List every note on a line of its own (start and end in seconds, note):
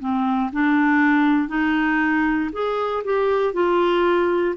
0.00 0.51 C4
0.53 1.48 D4
1.48 2.50 D#4
2.53 3.04 G#4
3.04 3.53 G4
3.53 4.55 F4